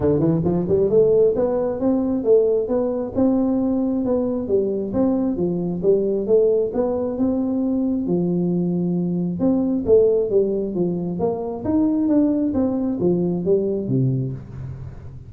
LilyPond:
\new Staff \with { instrumentName = "tuba" } { \time 4/4 \tempo 4 = 134 d8 e8 f8 g8 a4 b4 | c'4 a4 b4 c'4~ | c'4 b4 g4 c'4 | f4 g4 a4 b4 |
c'2 f2~ | f4 c'4 a4 g4 | f4 ais4 dis'4 d'4 | c'4 f4 g4 c4 | }